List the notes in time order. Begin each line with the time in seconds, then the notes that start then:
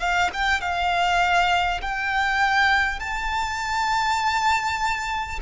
0.00 F5
0.33 G5
0.61 F5
1.82 G5
3.00 A5